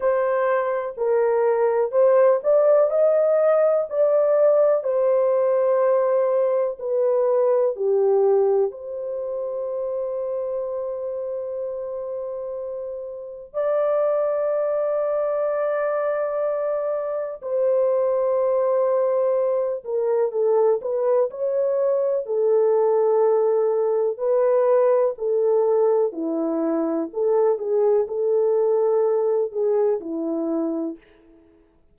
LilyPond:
\new Staff \with { instrumentName = "horn" } { \time 4/4 \tempo 4 = 62 c''4 ais'4 c''8 d''8 dis''4 | d''4 c''2 b'4 | g'4 c''2.~ | c''2 d''2~ |
d''2 c''2~ | c''8 ais'8 a'8 b'8 cis''4 a'4~ | a'4 b'4 a'4 e'4 | a'8 gis'8 a'4. gis'8 e'4 | }